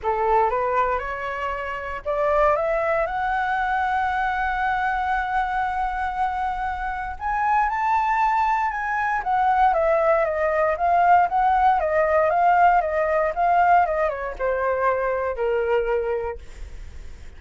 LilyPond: \new Staff \with { instrumentName = "flute" } { \time 4/4 \tempo 4 = 117 a'4 b'4 cis''2 | d''4 e''4 fis''2~ | fis''1~ | fis''2 gis''4 a''4~ |
a''4 gis''4 fis''4 e''4 | dis''4 f''4 fis''4 dis''4 | f''4 dis''4 f''4 dis''8 cis''8 | c''2 ais'2 | }